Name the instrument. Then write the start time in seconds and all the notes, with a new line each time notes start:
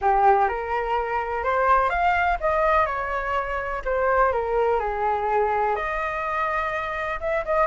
flute
0.01 G4
0.48 A#4
1.43 C5
1.89 F5
2.40 D#5
2.85 C#5
3.84 C5
4.32 A#4
4.79 G#4
5.75 D#5
7.20 E5
7.45 D#5